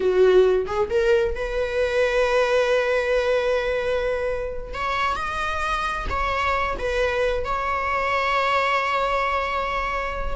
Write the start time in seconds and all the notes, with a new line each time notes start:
0.00 F#4
0.66 G#4
0.90 A#4
1.35 B4
4.73 C#5
5.16 D#5
6.09 C#5
6.78 B4
7.44 C#5